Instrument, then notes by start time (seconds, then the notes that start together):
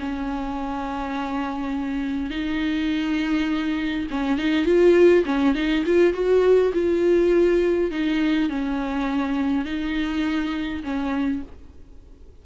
viola
0.00 C#4
2.30 D#4
4.11 C#4
4.38 D#4
4.66 F4
5.25 C#4
5.55 D#4
5.86 F4
6.13 F#4
6.73 F4
7.91 D#4
8.49 C#4
9.65 D#4
10.83 C#4